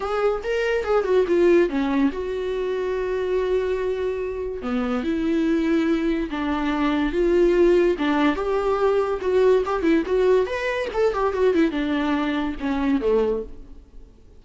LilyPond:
\new Staff \with { instrumentName = "viola" } { \time 4/4 \tempo 4 = 143 gis'4 ais'4 gis'8 fis'8 f'4 | cis'4 fis'2.~ | fis'2. b4 | e'2. d'4~ |
d'4 f'2 d'4 | g'2 fis'4 g'8 e'8 | fis'4 b'4 a'8 g'8 fis'8 e'8 | d'2 cis'4 a4 | }